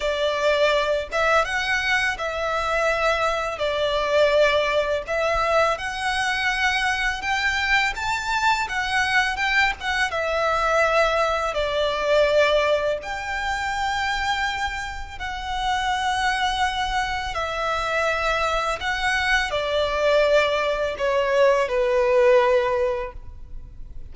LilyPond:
\new Staff \with { instrumentName = "violin" } { \time 4/4 \tempo 4 = 83 d''4. e''8 fis''4 e''4~ | e''4 d''2 e''4 | fis''2 g''4 a''4 | fis''4 g''8 fis''8 e''2 |
d''2 g''2~ | g''4 fis''2. | e''2 fis''4 d''4~ | d''4 cis''4 b'2 | }